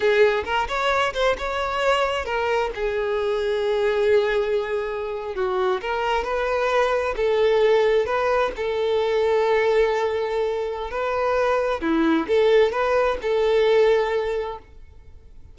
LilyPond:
\new Staff \with { instrumentName = "violin" } { \time 4/4 \tempo 4 = 132 gis'4 ais'8 cis''4 c''8 cis''4~ | cis''4 ais'4 gis'2~ | gis'2.~ gis'8. fis'16~ | fis'8. ais'4 b'2 a'16~ |
a'4.~ a'16 b'4 a'4~ a'16~ | a'1 | b'2 e'4 a'4 | b'4 a'2. | }